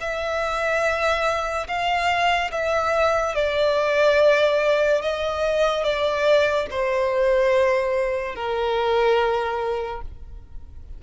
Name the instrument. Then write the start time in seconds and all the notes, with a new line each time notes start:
violin
0.00 E5
1.67 F5
2.51 E5
3.34 D5
5.01 D#5
5.83 D5
6.70 C5
8.35 A#4